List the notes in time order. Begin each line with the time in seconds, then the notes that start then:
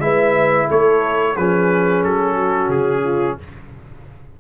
0.00 G#3 E4 B4 E5
0.68 A3 A4 C#5
1.35 F3 C#4 G#4 B4
2.04 F#3 A4
2.35 F#4
2.69 C#3 G#4
3.04 F4